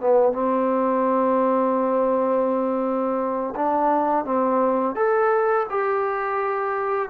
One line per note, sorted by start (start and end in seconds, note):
0.00 0.32 B3
0.32 3.54 C4
3.55 4.25 D4
4.25 4.95 C4
4.95 5.67 A4
5.69 7.09 G4